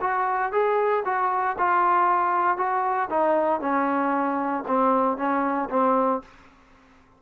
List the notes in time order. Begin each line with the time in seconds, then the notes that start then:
0.00 F#4
0.52 G#4
1.05 F#4
1.58 F4
2.57 F#4
3.09 D#4
3.60 C#4
4.67 C4
5.17 C#4
5.70 C4